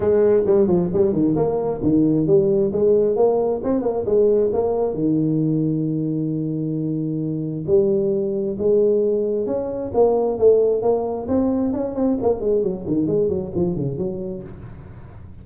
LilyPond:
\new Staff \with { instrumentName = "tuba" } { \time 4/4 \tempo 4 = 133 gis4 g8 f8 g8 dis8 ais4 | dis4 g4 gis4 ais4 | c'8 ais8 gis4 ais4 dis4~ | dis1~ |
dis4 g2 gis4~ | gis4 cis'4 ais4 a4 | ais4 c'4 cis'8 c'8 ais8 gis8 | fis8 dis8 gis8 fis8 f8 cis8 fis4 | }